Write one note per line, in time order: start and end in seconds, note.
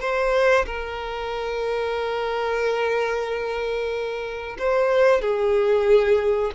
0.00 0.65 C5
0.66 4.57 A#4
4.59 5.21 C5
5.21 6.52 G#4